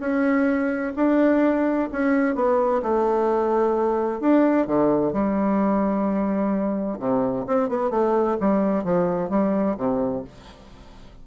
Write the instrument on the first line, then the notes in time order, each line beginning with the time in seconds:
bassoon
0.00 C#4
0.96 D4
1.92 C#4
2.35 B3
2.82 A3
4.20 D4
4.67 D3
5.13 G3
6.99 C3
7.47 C4
7.69 B3
7.90 A3
8.40 G3
8.84 F3
9.30 G3
9.77 C3